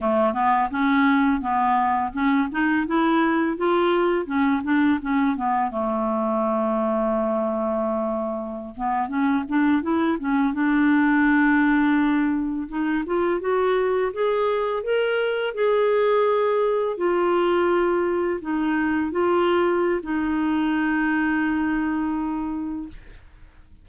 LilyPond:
\new Staff \with { instrumentName = "clarinet" } { \time 4/4 \tempo 4 = 84 a8 b8 cis'4 b4 cis'8 dis'8 | e'4 f'4 cis'8 d'8 cis'8 b8 | a1~ | a16 b8 cis'8 d'8 e'8 cis'8 d'4~ d'16~ |
d'4.~ d'16 dis'8 f'8 fis'4 gis'16~ | gis'8. ais'4 gis'2 f'16~ | f'4.~ f'16 dis'4 f'4~ f'16 | dis'1 | }